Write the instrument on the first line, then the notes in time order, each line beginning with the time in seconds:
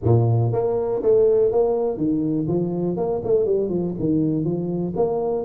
tuba
0.03 A#2
0.52 A#3
1.02 A3
1.51 A#3
1.97 D#3
2.47 F3
2.97 A#3
3.24 A3
3.45 G3
3.69 F3
3.99 D#3
4.44 F3
4.96 A#3